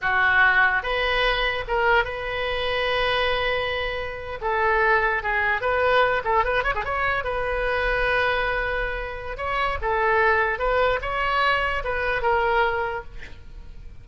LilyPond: \new Staff \with { instrumentName = "oboe" } { \time 4/4 \tempo 4 = 147 fis'2 b'2 | ais'4 b'2.~ | b'2~ b'8. a'4~ a'16~ | a'8. gis'4 b'4. a'8 b'16~ |
b'16 cis''16 gis'16 cis''4 b'2~ b'16~ | b'2. cis''4 | a'2 b'4 cis''4~ | cis''4 b'4 ais'2 | }